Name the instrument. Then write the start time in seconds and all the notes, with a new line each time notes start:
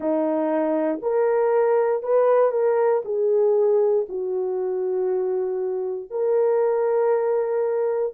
horn
0.00 D#4
1.02 A#4
2.02 B4
2.51 A#4
3.04 G#4
4.08 F#4
6.10 A#4